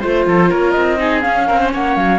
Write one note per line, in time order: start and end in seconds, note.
0.00 0.27 A3
0.00 0.98 F4
0.00 0.24 C5
0.00 0.52 C5
0.27 0.51 F3
0.27 0.50 A4
0.50 0.77 A#3
0.50 0.99 A#4
0.50 0.71 C#5
0.71 1.26 C4
0.71 1.20 D#5
0.98 1.22 D#4
0.98 1.47 G#4
1.21 2.19 C#4
1.21 1.50 C#4
1.21 1.70 F5
1.47 1.74 C4
1.47 1.60 A#4
1.61 1.73 C5
1.73 1.97 A#3
1.73 2.19 C#5
1.73 1.97 F#5
1.97 2.19 F#3
1.97 2.19 F5